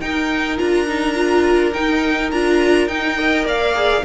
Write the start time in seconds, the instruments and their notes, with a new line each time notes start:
0.00 cello D#4, viola D#4, violin A#4 G5
0.58 cello D4, viola F4, violin A#5
0.87 viola D#4
1.15 viola F4
1.73 viola D#4, cello D#4, violin G5
2.31 cello D4, viola F4, violin A#5
2.87 cello D#4, viola D#4, violin G5
3.17 viola A#4, violin D#5
3.45 cello A#3, violin D5 F5
3.74 viola G#4